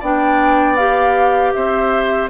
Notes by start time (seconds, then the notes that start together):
0.00 B3 D4 D5 G5
0.77 G4 F5
1.53 C4 C5 E5